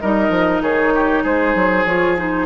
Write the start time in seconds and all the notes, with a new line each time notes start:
0.00 G3 D#4 A#4 D#5
0.29 F3
0.61 D#3 G#4 C#5
0.95 G4
1.23 G#3 G#4 C5
1.55 F#3
1.85 F3 F4 C#5
2.18 D#4 C5